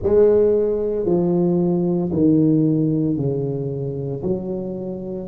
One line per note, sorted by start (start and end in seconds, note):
0.02 1.05 G#3
1.05 2.11 F3
2.12 3.16 D#3
3.16 4.22 C#3
4.22 5.28 F#3